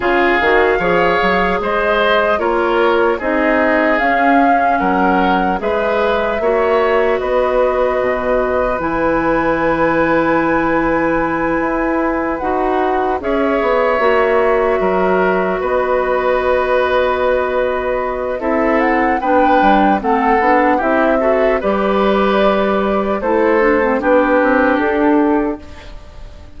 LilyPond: <<
  \new Staff \with { instrumentName = "flute" } { \time 4/4 \tempo 4 = 75 f''2 dis''4 cis''4 | dis''4 f''4 fis''4 e''4~ | e''4 dis''2 gis''4~ | gis''2.~ gis''8 fis''8~ |
fis''8 e''2. dis''8~ | dis''2. e''8 fis''8 | g''4 fis''4 e''4 d''4~ | d''4 c''4 b'4 a'4 | }
  \new Staff \with { instrumentName = "oboe" } { \time 4/4 gis'4 cis''4 c''4 ais'4 | gis'2 ais'4 b'4 | cis''4 b'2.~ | b'1~ |
b'8 cis''2 ais'4 b'8~ | b'2. a'4 | b'4 a'4 g'8 a'8 b'4~ | b'4 a'4 g'2 | }
  \new Staff \with { instrumentName = "clarinet" } { \time 4/4 f'8 fis'8 gis'2 f'4 | dis'4 cis'2 gis'4 | fis'2. e'4~ | e'2.~ e'8 fis'8~ |
fis'8 gis'4 fis'2~ fis'8~ | fis'2. e'4 | d'4 c'8 d'8 e'8 fis'8 g'4~ | g'4 e'8 d'16 c'16 d'2 | }
  \new Staff \with { instrumentName = "bassoon" } { \time 4/4 cis8 dis8 f8 fis8 gis4 ais4 | c'4 cis'4 fis4 gis4 | ais4 b4 b,4 e4~ | e2~ e8 e'4 dis'8~ |
dis'8 cis'8 b8 ais4 fis4 b8~ | b2. c'4 | b8 g8 a8 b8 c'4 g4~ | g4 a4 b8 c'8 d'4 | }
>>